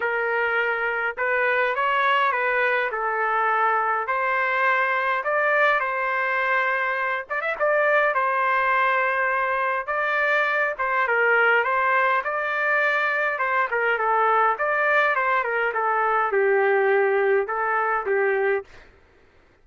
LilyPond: \new Staff \with { instrumentName = "trumpet" } { \time 4/4 \tempo 4 = 103 ais'2 b'4 cis''4 | b'4 a'2 c''4~ | c''4 d''4 c''2~ | c''8 d''16 e''16 d''4 c''2~ |
c''4 d''4. c''8 ais'4 | c''4 d''2 c''8 ais'8 | a'4 d''4 c''8 ais'8 a'4 | g'2 a'4 g'4 | }